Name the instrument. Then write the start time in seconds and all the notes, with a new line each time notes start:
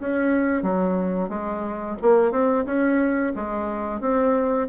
bassoon
0.00 C#4
0.63 F#3
1.29 G#3
2.02 A#3
2.31 C4
2.66 C#4
3.36 G#3
4.01 C4